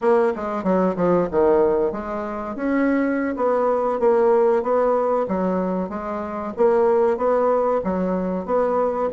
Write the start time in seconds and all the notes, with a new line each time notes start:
0.01 A#3
0.35 G#3
0.63 F#3
0.96 F3
1.31 D#3
1.91 G#3
2.55 C#4
3.36 B3
3.99 A#3
4.62 B3
5.28 F#3
5.89 G#3
6.56 A#3
7.17 B3
7.84 F#3
8.45 B3